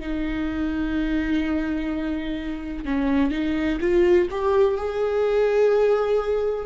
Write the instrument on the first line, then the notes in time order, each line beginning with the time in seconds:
viola
0.00 D#4
2.86 C#4
3.31 D#4
3.81 F4
4.31 G4
4.77 G#4